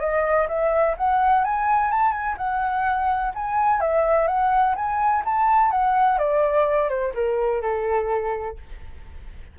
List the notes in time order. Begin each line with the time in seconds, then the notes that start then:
0.00 D#5
0.48 E5
0.97 F#5
1.44 G#5
1.91 A5
2.12 G#5
2.37 F#5
3.34 G#5
3.81 E5
4.27 F#5
4.75 G#5
5.25 A5
5.71 F#5
6.18 D5
6.89 C5
7.14 A#4
7.62 A4